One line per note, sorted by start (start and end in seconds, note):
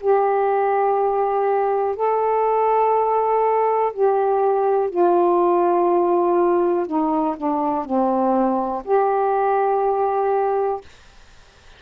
0.00 1.95 G4
1.95 3.92 A4
3.93 4.90 G4
4.90 6.86 F4
6.86 7.35 D#4
7.36 7.85 D4
7.85 8.83 C4
8.84 10.81 G4